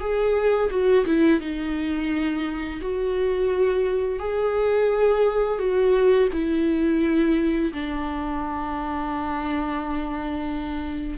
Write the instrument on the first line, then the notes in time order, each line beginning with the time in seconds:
viola
0.00 G#4
0.70 F#4
1.06 E4
1.40 D#4
2.81 F#4
4.20 G#4
5.59 F#4
6.33 E4
7.73 D4